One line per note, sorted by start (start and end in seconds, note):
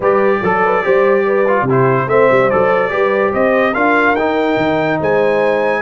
0.00 0.39 G3
0.00 0.43 G4
0.00 0.41 B4
0.00 1.70 D5
0.41 0.83 F#3
0.41 0.63 A4
0.41 0.83 A4
0.63 0.84 B4
0.83 1.62 G3
0.83 1.45 G4
0.83 1.26 C5
1.26 1.65 B4
1.47 1.68 F4
1.62 2.04 C3
1.62 2.07 G4
1.69 2.08 E4
1.69 2.09 C5
2.07 2.27 A3
2.07 2.50 C4
2.07 2.91 C5
2.07 2.50 E5
2.30 2.51 G3
2.50 2.91 F#3
2.50 2.89 A4
2.50 3.33 D5
2.89 3.33 G3
2.89 3.73 G4
2.89 3.33 B4
3.33 3.75 C4
3.33 3.74 C5
3.33 3.73 D#5
3.73 4.14 D4
3.73 4.16 F4
3.73 4.99 A#4
3.73 4.15 F5
4.14 4.55 D#4
4.14 5.81 D#4
4.14 4.99 G5
4.56 4.98 D#3
4.99 5.81 G#3
4.99 5.81 C5
4.99 5.81 G#5